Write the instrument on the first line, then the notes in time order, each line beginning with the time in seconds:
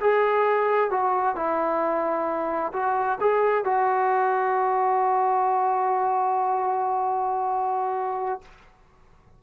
trombone
0.00 G#4
0.90 F#4
1.35 E4
2.73 F#4
3.20 G#4
3.64 F#4